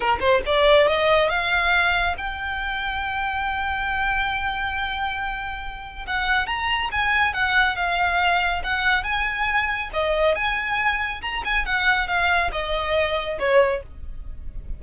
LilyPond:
\new Staff \with { instrumentName = "violin" } { \time 4/4 \tempo 4 = 139 ais'8 c''8 d''4 dis''4 f''4~ | f''4 g''2.~ | g''1~ | g''2 fis''4 ais''4 |
gis''4 fis''4 f''2 | fis''4 gis''2 dis''4 | gis''2 ais''8 gis''8 fis''4 | f''4 dis''2 cis''4 | }